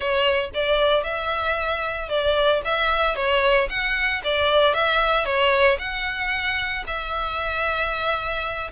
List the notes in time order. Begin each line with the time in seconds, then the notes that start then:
0.00 C#5
0.54 D5
1.03 E5
2.08 D5
2.64 E5
3.15 C#5
3.69 F#5
4.24 D5
4.74 E5
5.25 C#5
5.78 F#5
6.86 E5